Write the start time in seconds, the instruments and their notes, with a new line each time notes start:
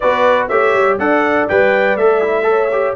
0.00 tuba B3, trombone F#4, horn B4, trumpet D5
0.48 tuba A3, trombone G4, horn C#5, trumpet E5
0.74 tuba G3
0.98 tuba D4, trombone A4, horn D5, trumpet F#5
1.48 tuba G3, trombone B4, trumpet G5
1.95 tuba A3, trombone A4, trumpet E5
2.21 trombone E4
2.43 trombone A4, horn C#5
2.72 trombone G4